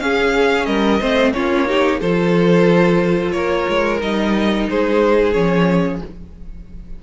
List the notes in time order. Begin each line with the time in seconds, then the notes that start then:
0.00 C#4 G#4 F5
0.66 G3 A#4 D#5
1.01 A3 C4 C5
1.33 A#3 C#4 F4 C#5
1.67 D#4 G4
2.01 F3 F4 A4 C5
3.32 A#3 A#4 C#5
3.69 G#3
4.00 G3 D#4 D#5
4.69 G#3 G#4 C5
5.33 F3 C#4 C#5